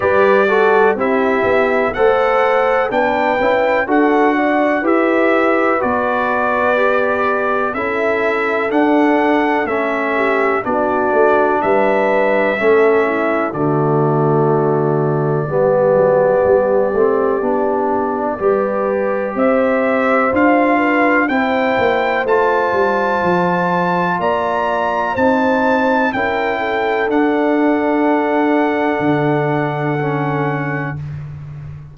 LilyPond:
<<
  \new Staff \with { instrumentName = "trumpet" } { \time 4/4 \tempo 4 = 62 d''4 e''4 fis''4 g''4 | fis''4 e''4 d''2 | e''4 fis''4 e''4 d''4 | e''2 d''2~ |
d''1 | e''4 f''4 g''4 a''4~ | a''4 ais''4 a''4 g''4 | fis''1 | }
  \new Staff \with { instrumentName = "horn" } { \time 4/4 b'8 a'8 g'4 c''4 b'4 | a'8 d''8 b'2. | a'2~ a'8 g'8 fis'4 | b'4 a'8 e'8 fis'2 |
g'2. b'4 | c''4. b'8 c''2~ | c''4 d''4 c''4 ais'8 a'8~ | a'1 | }
  \new Staff \with { instrumentName = "trombone" } { \time 4/4 g'8 fis'8 e'4 a'4 d'8 e'8 | fis'4 g'4 fis'4 g'4 | e'4 d'4 cis'4 d'4~ | d'4 cis'4 a2 |
b4. c'8 d'4 g'4~ | g'4 f'4 e'4 f'4~ | f'2 dis'4 e'4 | d'2. cis'4 | }
  \new Staff \with { instrumentName = "tuba" } { \time 4/4 g4 c'8 b8 a4 b8 cis'8 | d'4 e'4 b2 | cis'4 d'4 a4 b8 a8 | g4 a4 d2 |
g8 fis8 g8 a8 b4 g4 | c'4 d'4 c'8 ais8 a8 g8 | f4 ais4 c'4 cis'4 | d'2 d2 | }
>>